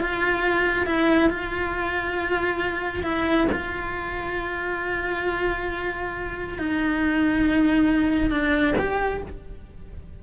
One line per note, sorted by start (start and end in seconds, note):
0.00 0.86 F4
0.86 1.30 E4
1.30 3.03 F4
3.03 3.47 E4
3.51 6.58 F4
6.58 8.30 D#4
8.30 8.74 D4
8.78 9.22 G4